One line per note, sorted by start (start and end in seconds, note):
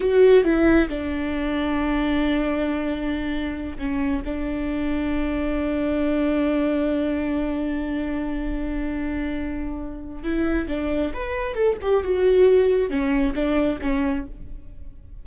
0.00 0.43 F#4
0.43 0.88 E4
0.88 3.77 D4
3.78 4.22 C#4
4.24 10.23 D4
10.23 10.67 E4
10.67 11.12 D4
11.13 11.54 B4
11.54 11.77 A4
11.81 12.03 G4
12.03 12.89 F#4
12.89 13.34 C#4
13.34 13.79 D4
13.81 14.26 C#4